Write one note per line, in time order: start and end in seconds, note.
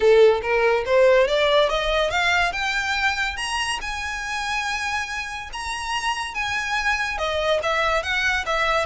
0.00 0.41 A4
0.41 0.84 A#4
0.85 1.27 C5
1.27 1.69 D5
1.69 2.10 D#5
2.10 2.52 F5
2.52 3.36 G5
3.36 3.79 A#5
3.81 5.50 G#5
5.53 6.34 A#5
6.34 7.17 G#5
7.17 7.60 D#5
7.62 8.02 E5
8.02 8.44 F#5
8.45 8.85 E5